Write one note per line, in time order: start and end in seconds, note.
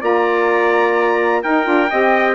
0.00 1.43 A#3
0.00 1.42 F4
0.00 1.42 D5
0.00 1.42 A#5
1.42 1.66 D#4
1.42 1.64 D#4
1.42 1.90 A#4
1.42 2.35 G5
1.64 1.89 D4
1.64 1.87 F4
1.90 2.35 C4
1.90 2.35 G4
1.90 2.35 D#5